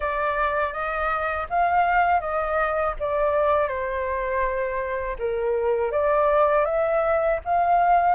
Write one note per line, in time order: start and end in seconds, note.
0.00 0.72 D5
0.72 1.46 D#5
1.49 2.20 F5
2.20 2.94 D#5
2.99 3.68 D5
3.68 5.16 C5
5.19 5.91 A#4
5.91 6.65 D5
6.65 7.39 E5
7.44 8.15 F5